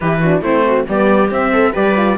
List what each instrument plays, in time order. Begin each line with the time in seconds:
0.00 cello E3, horn E4, viola G4, trumpet B4
0.20 horn D4, viola F#4
0.41 cello A3, horn C4, viola E4, trumpet C5
0.65 viola F#4
0.87 cello G3, horn B3, viola G4, trumpet D5
1.30 horn C4, cello C4, trumpet E5
1.52 viola A4
1.72 cello G3, horn G4, viola B4, trumpet D5
1.96 horn F4